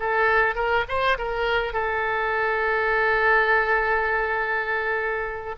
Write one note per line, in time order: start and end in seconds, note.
0.00 0.55 A4
0.55 0.85 A#4
0.89 1.18 C5
1.18 1.74 A#4
1.74 5.56 A4